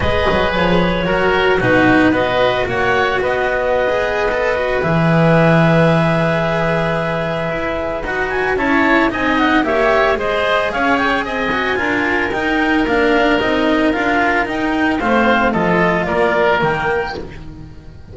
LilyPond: <<
  \new Staff \with { instrumentName = "clarinet" } { \time 4/4 \tempo 4 = 112 dis''4 cis''2 b'4 | dis''4 fis''4 dis''2~ | dis''4 e''2.~ | e''2. fis''8 gis''8 |
a''4 gis''8 fis''8 e''4 dis''4 | f''8 g''8 gis''2 g''4 | f''4 dis''4 f''4 g''4 | f''4 dis''4 d''4 g''4 | }
  \new Staff \with { instrumentName = "oboe" } { \time 4/4 b'2 ais'4 fis'4 | b'4 cis''4 b'2~ | b'1~ | b'1 |
cis''4 dis''4 cis''4 c''4 | cis''4 dis''4 ais'2~ | ais'1 | c''4 a'4 ais'2 | }
  \new Staff \with { instrumentName = "cello" } { \time 4/4 gis'2 fis'4 dis'4 | fis'2.~ fis'16 gis'8. | a'8 fis'8 gis'2.~ | gis'2. fis'4 |
e'4 dis'4 g'4 gis'4~ | gis'4. fis'8 f'4 dis'4 | d'4 dis'4 f'4 dis'4 | c'4 f'2 ais4 | }
  \new Staff \with { instrumentName = "double bass" } { \time 4/4 gis8 fis8 f4 fis4 b,4 | b4 ais4 b2~ | b4 e2.~ | e2 e'4 dis'4 |
cis'4 c'4 ais4 gis4 | cis'4 c'4 d'4 dis'4 | ais4 c'4 d'4 dis'4 | a4 f4 ais4 dis4 | }
>>